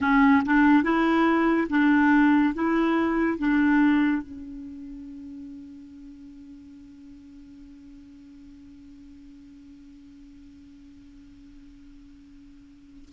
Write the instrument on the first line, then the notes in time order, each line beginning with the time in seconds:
clarinet
0.00 C#4
0.45 D4
0.83 E4
1.69 D4
2.54 E4
3.38 D4
4.22 C#4